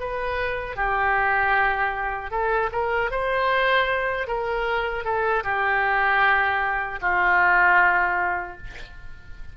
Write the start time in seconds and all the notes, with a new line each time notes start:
0.00 B4
0.77 G4
2.31 A4
2.73 A#4
3.11 C5
4.28 A#4
5.05 A4
5.44 G4
7.02 F4